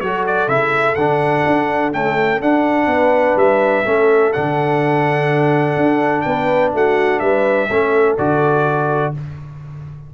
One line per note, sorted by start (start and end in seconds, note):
0.00 0.48 F#3
0.00 0.48 F#4
0.00 2.90 A4
0.00 0.24 C#5
0.27 0.49 D5
0.48 0.96 C#3
0.48 0.96 E4
0.48 0.95 E5
0.95 1.44 D3
0.95 1.93 D4
0.95 1.91 F#5
1.46 1.93 D4
1.93 2.41 A3
1.93 2.41 C#4
1.93 2.41 G5
2.41 3.85 D4
2.41 2.87 D4
2.41 3.38 F#5
2.87 3.35 B3
2.87 3.85 B4
3.35 3.83 G3
3.35 4.32 E5
3.85 4.33 A3
3.85 4.33 C#4
3.85 6.25 A4
4.32 5.76 D3
4.32 7.69 D4
4.32 6.21 F#5
5.76 6.24 D4
6.21 6.74 B3
6.21 6.74 B4
6.21 6.69 G5
6.74 7.21 A3
6.74 7.21 F#4
6.74 7.19 F#5
7.19 7.69 G3
7.19 7.69 B4
7.19 8.15 E5
7.69 8.17 A3
7.69 8.18 C#4
7.69 9.13 A4
8.18 9.14 D3
8.18 9.14 F#4
8.18 9.14 D5